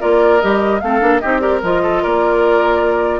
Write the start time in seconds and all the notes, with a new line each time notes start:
0.00 A#3 F4 A#4 D5
0.41 G3 G4 D#5
0.80 A3 C4 A4 F5
1.00 A#3 D4
1.20 C4 D#4 G4 D#5
1.40 G4 A#4 D5
1.62 F3 F4 D#5
1.83 A4
2.02 A#3 A#4 D5